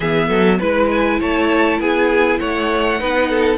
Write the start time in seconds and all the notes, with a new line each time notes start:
0.00 E3 B3 G#4 E5
0.28 F#3 A4
0.59 G#3 E4 B4
0.91 G#5
1.19 A3 C#5 A5
1.79 B3 G#4 G#5
2.38 A3 C#5 F#5
2.99 B3 D#4 B4
3.29 A4